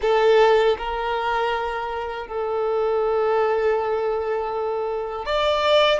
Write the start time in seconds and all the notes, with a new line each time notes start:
0.01 A4
0.77 A#4
2.27 A4
5.25 D5